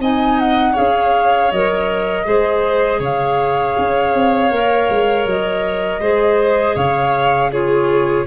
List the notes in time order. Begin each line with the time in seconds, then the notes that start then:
0.00 C4 D#4 D#5 G#5
0.40 F#5
0.73 C#4 G#4 C#5 F5
1.52 F#3 A#4 D#5
2.26 G#3 G#4 C5
3.00 C#3 C#5 F5
3.78 C#4
4.15 C4
4.51 A#3 A#4
4.90 G#3
5.27 F#3 D#5
6.00 G#3 G#4 C5
6.76 C#3 C#5 F5
7.52 F4 G#4 C#5